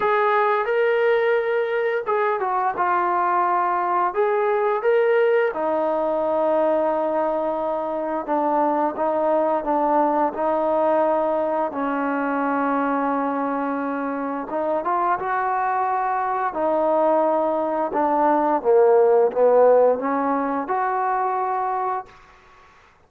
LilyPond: \new Staff \with { instrumentName = "trombone" } { \time 4/4 \tempo 4 = 87 gis'4 ais'2 gis'8 fis'8 | f'2 gis'4 ais'4 | dis'1 | d'4 dis'4 d'4 dis'4~ |
dis'4 cis'2.~ | cis'4 dis'8 f'8 fis'2 | dis'2 d'4 ais4 | b4 cis'4 fis'2 | }